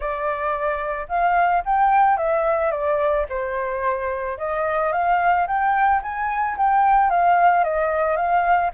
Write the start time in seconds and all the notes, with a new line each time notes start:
0.00 D5
1.08 F5
1.65 G5
2.17 E5
2.71 D5
3.29 C5
4.38 D#5
4.92 F5
5.47 G5
6.02 G#5
6.57 G5
7.10 F5
7.64 D#5
8.16 F5